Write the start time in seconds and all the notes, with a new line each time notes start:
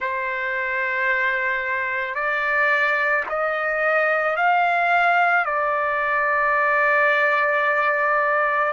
0.00 C5
2.14 D5
3.29 D#5
4.36 F5
5.45 D5